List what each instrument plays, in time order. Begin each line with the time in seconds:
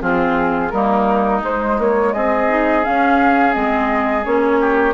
0.00 bassoon F3, clarinet C4, oboe F4, flute G#4
0.70 bassoon G3, clarinet A#3, oboe D#4, flute A#4
1.41 bassoon G#3, clarinet G#3, flute C5
1.78 bassoon A#3, flute C#5
2.13 bassoon C4, oboe G#4, flute D#5
2.48 clarinet D#4
2.83 clarinet C#4, bassoon C#4, flute F5
3.52 bassoon G#3, clarinet C4, flute D#5
4.24 bassoon A#3, clarinet C#4, flute C#5
4.60 oboe G4